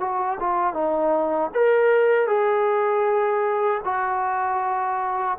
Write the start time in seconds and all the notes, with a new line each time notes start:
0.00 F#4
0.40 F4
0.74 D#4
1.54 A#4
2.27 G#4
3.84 F#4